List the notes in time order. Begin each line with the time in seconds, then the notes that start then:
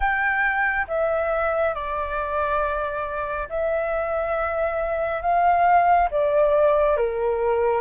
0.00 G5
0.87 E5
1.74 D5
3.49 E5
5.21 F5
6.10 D5
6.96 A#4